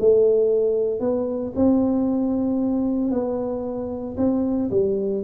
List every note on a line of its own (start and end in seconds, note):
0.00 1.00 A3
1.00 1.53 B3
1.56 3.11 C4
3.11 4.16 B3
4.17 4.70 C4
4.71 5.23 G3